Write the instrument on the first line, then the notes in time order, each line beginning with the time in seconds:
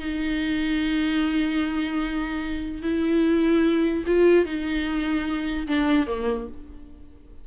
viola
0.00 D#4
2.83 E4
4.07 F4
4.46 D#4
5.68 D4
6.07 A#3